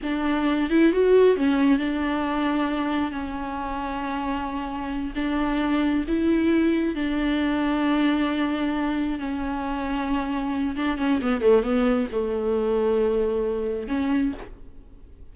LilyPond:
\new Staff \with { instrumentName = "viola" } { \time 4/4 \tempo 4 = 134 d'4. e'8 fis'4 cis'4 | d'2. cis'4~ | cis'2.~ cis'8 d'8~ | d'4. e'2 d'8~ |
d'1~ | d'8 cis'2.~ cis'8 | d'8 cis'8 b8 a8 b4 a4~ | a2. cis'4 | }